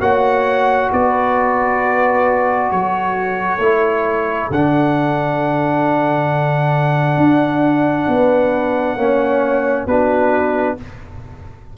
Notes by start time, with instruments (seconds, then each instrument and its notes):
0.00 tuba A#3, trombone F#4, horn C#5, trumpet F#5
0.92 tuba B3, horn B4, trumpet D5
2.69 tuba F#3, horn A4, trumpet C#5
3.58 tuba A3, trombone E4
4.50 tuba D3, trombone D4, trumpet F#5
7.17 tuba D4
8.07 tuba B3, horn B4
8.95 tuba A#3, trombone C#4, horn C#5
9.86 tuba B3, trombone D4, horn F#4, trumpet B4